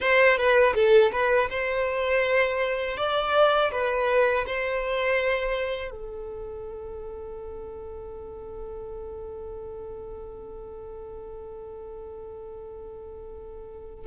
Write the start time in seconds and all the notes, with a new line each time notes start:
0.00 C5
0.37 B4
0.74 A4
1.11 B4
1.49 C5
2.97 D5
3.71 B4
4.46 C5
5.91 A4